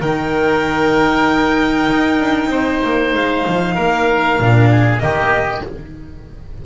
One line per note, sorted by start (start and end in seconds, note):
0.00 1.88 D#3
0.00 4.39 D#4
0.00 2.50 A#4
0.00 3.14 G5
1.90 2.19 D#4
2.19 2.47 D4
2.47 2.79 C4
2.47 3.75 C5
2.84 3.14 A#3
3.14 3.45 G#3
3.14 4.99 F5
3.47 3.77 F3
3.75 4.39 A#3
3.75 4.69 A#4
4.39 5.02 A#2
4.39 4.98 D4
4.71 5.02 G#4
4.98 5.65 D#3
4.98 5.61 A#3
4.98 5.65 G4
4.98 5.61 D#5